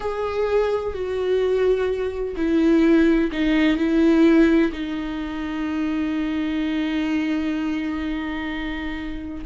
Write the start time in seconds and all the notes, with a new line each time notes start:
0.00 G#4
0.93 F#4
2.36 E4
3.32 D#4
3.77 E4
4.72 D#4